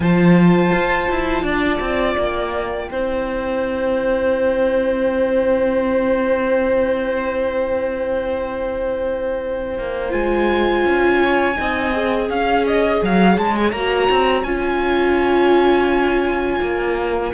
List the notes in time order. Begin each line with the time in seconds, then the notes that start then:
0.00 F3 F4 C5 A5
0.73 F4
1.09 E4
1.42 D4 D5
1.80 C4
2.16 A#3 G5
2.88 C4 E4 C5
9.78 A#3
10.10 G#3 F4 G#5
10.84 C#4
11.20 C#5
11.56 C4 D#4 D#5
11.92 G#4
12.29 C#4 C#5 F5
12.66 D#5
13.02 F#3 F5
13.37 G#3 A5
13.56 G#5
13.71 A#3 F#4 A#5
14.10 C4
14.43 C#4 F4 G#5
16.60 A#3